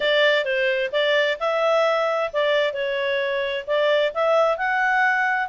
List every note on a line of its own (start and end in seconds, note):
0.00 0.44 D5
0.44 0.90 C5
0.92 1.37 D5
1.39 2.31 E5
2.32 2.73 D5
2.73 3.65 C#5
3.66 4.12 D5
4.13 4.57 E5
4.57 5.48 F#5